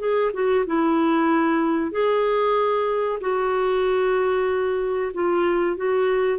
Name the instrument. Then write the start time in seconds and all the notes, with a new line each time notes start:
clarinet
0.00 G#4
0.34 F#4
0.66 E4
1.92 G#4
3.21 F#4
5.14 F4
5.77 F#4